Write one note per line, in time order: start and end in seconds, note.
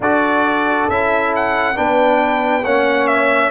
0.00 0.88 D4
0.00 0.90 F#4
0.00 1.76 A4
0.00 0.89 D5
0.88 1.76 C#4
0.88 1.74 E4
0.88 1.33 E5
1.35 1.77 F#5
1.74 2.64 B3
1.74 2.62 D4
1.74 2.64 B4
1.74 2.65 G5
2.64 3.50 A#3
2.64 3.50 C#4
2.64 3.50 C#5
2.64 3.07 F#5
3.07 3.50 E5